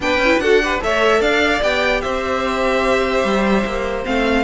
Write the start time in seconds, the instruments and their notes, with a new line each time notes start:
0.00 cello B3, viola D4, violin B4 G5
0.17 cello C#4
0.24 viola E4
0.38 cello D4, viola F#4, violin A4 F#5
0.62 viola G4, violin B4
0.80 cello A3, viola A4, violin C#5 E5
1.20 cello D4, violin D5 F5
1.61 cello B3, viola G4, violin G5
2.01 cello C4, violin C5 E5
3.23 cello G3
3.65 cello A#3
4.04 cello A3, viola C4, violin F5